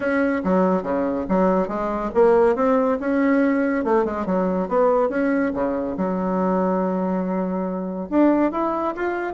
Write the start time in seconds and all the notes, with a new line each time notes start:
0.00 C#4
0.44 F#3
0.82 C#3
1.29 F#3
1.68 G#3
2.14 A#3
2.55 C4
3.00 C#4
3.84 A3
4.04 G#3
4.26 F#3
4.68 B3
5.09 C#4
5.54 C#3
5.97 F#3
8.09 D4
8.51 E4
8.95 F4